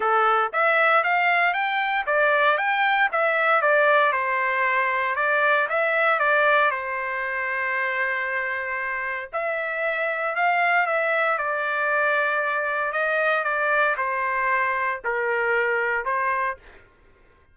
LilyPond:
\new Staff \with { instrumentName = "trumpet" } { \time 4/4 \tempo 4 = 116 a'4 e''4 f''4 g''4 | d''4 g''4 e''4 d''4 | c''2 d''4 e''4 | d''4 c''2.~ |
c''2 e''2 | f''4 e''4 d''2~ | d''4 dis''4 d''4 c''4~ | c''4 ais'2 c''4 | }